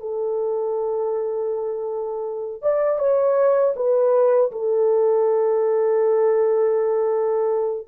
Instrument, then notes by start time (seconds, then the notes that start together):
horn
0.00 A4
2.62 D5
2.99 C#5
3.76 B4
4.52 A4